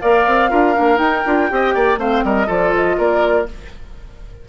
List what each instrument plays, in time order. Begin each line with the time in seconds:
0.00 bassoon A#3, clarinet A#4, oboe D5, flute F5
0.26 bassoon C4
0.49 bassoon D4, clarinet F4, oboe A#4
0.73 bassoon A#3, clarinet D4
0.95 clarinet D#4, bassoon D#4, flute G5
1.26 bassoon D4, clarinet F4
1.49 bassoon C4, clarinet G4, oboe D#5
1.74 bassoon A#3, oboe D5
1.97 bassoon A3, clarinet C4, oboe C5, flute F5
2.24 bassoon G3, oboe A#4, flute D#5
2.46 bassoon F3, clarinet F4, oboe A4, flute D5
2.75 flute D#5
2.98 bassoon A#3, oboe A#4, flute D5